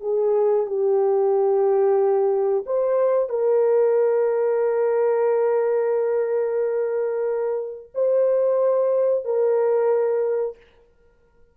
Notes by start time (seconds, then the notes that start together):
0.00 G#4
0.66 G4
2.66 C5
3.29 A#4
7.94 C5
9.25 A#4